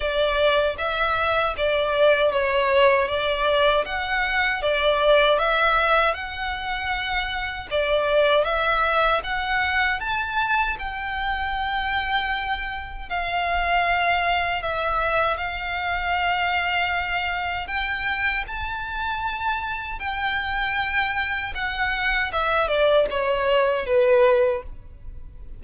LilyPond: \new Staff \with { instrumentName = "violin" } { \time 4/4 \tempo 4 = 78 d''4 e''4 d''4 cis''4 | d''4 fis''4 d''4 e''4 | fis''2 d''4 e''4 | fis''4 a''4 g''2~ |
g''4 f''2 e''4 | f''2. g''4 | a''2 g''2 | fis''4 e''8 d''8 cis''4 b'4 | }